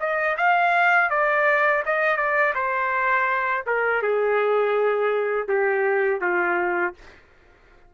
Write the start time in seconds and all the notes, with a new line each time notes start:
0.00 D#5
0.38 F5
1.10 D5
1.86 D#5
2.17 D5
2.55 C5
3.67 A#4
4.02 G#4
5.48 G4
6.21 F4